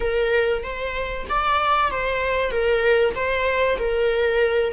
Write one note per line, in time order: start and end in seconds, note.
0.00 0.63 A#4
0.63 1.26 C5
1.29 1.91 D5
1.91 2.51 C5
2.51 3.14 A#4
3.15 3.78 C5
3.78 4.73 A#4